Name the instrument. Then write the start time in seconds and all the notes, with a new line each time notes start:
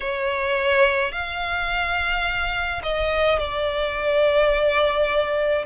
violin
0.00 C#5
1.12 F5
2.83 D#5
3.39 D5